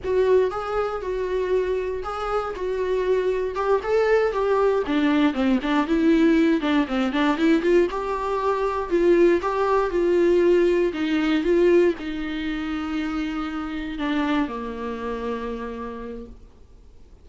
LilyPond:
\new Staff \with { instrumentName = "viola" } { \time 4/4 \tempo 4 = 118 fis'4 gis'4 fis'2 | gis'4 fis'2 g'8 a'8~ | a'8 g'4 d'4 c'8 d'8 e'8~ | e'4 d'8 c'8 d'8 e'8 f'8 g'8~ |
g'4. f'4 g'4 f'8~ | f'4. dis'4 f'4 dis'8~ | dis'2.~ dis'8 d'8~ | d'8 ais2.~ ais8 | }